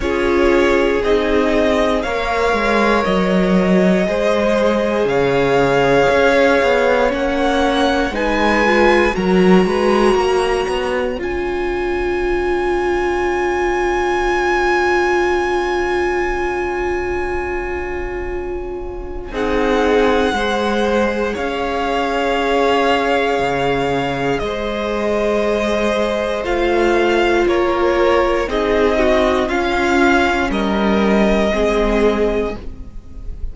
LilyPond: <<
  \new Staff \with { instrumentName = "violin" } { \time 4/4 \tempo 4 = 59 cis''4 dis''4 f''4 dis''4~ | dis''4 f''2 fis''4 | gis''4 ais''2 gis''4~ | gis''1~ |
gis''2. fis''4~ | fis''4 f''2. | dis''2 f''4 cis''4 | dis''4 f''4 dis''2 | }
  \new Staff \with { instrumentName = "violin" } { \time 4/4 gis'2 cis''2 | c''4 cis''2. | b'4 ais'8 b'8 cis''2~ | cis''1~ |
cis''2. gis'4 | c''4 cis''2. | c''2. ais'4 | gis'8 fis'8 f'4 ais'4 gis'4 | }
  \new Staff \with { instrumentName = "viola" } { \time 4/4 f'4 dis'4 ais'2 | gis'2. cis'4 | dis'8 f'8 fis'2 f'4~ | f'1~ |
f'2. dis'4 | gis'1~ | gis'2 f'2 | dis'4 cis'2 c'4 | }
  \new Staff \with { instrumentName = "cello" } { \time 4/4 cis'4 c'4 ais8 gis8 fis4 | gis4 cis4 cis'8 b8 ais4 | gis4 fis8 gis8 ais8 b8 cis'4~ | cis'1~ |
cis'2. c'4 | gis4 cis'2 cis4 | gis2 a4 ais4 | c'4 cis'4 g4 gis4 | }
>>